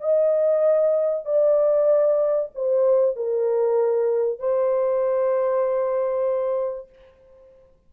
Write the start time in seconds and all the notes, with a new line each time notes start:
0.00 D#5
1.25 D5
2.54 C5
3.16 A#4
4.39 C5